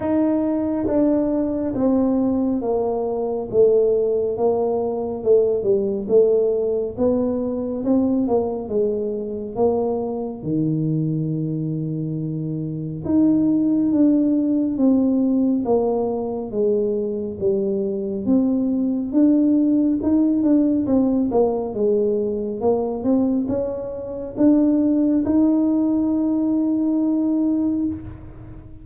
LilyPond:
\new Staff \with { instrumentName = "tuba" } { \time 4/4 \tempo 4 = 69 dis'4 d'4 c'4 ais4 | a4 ais4 a8 g8 a4 | b4 c'8 ais8 gis4 ais4 | dis2. dis'4 |
d'4 c'4 ais4 gis4 | g4 c'4 d'4 dis'8 d'8 | c'8 ais8 gis4 ais8 c'8 cis'4 | d'4 dis'2. | }